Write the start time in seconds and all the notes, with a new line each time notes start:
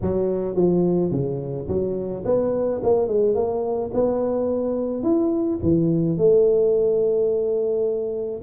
0.01 F#3
0.55 F3
1.11 C#3
1.67 F#3
2.25 B3
2.83 A#3
3.08 G#3
3.34 A#3
3.93 B3
5.03 E4
5.62 E3
6.17 A3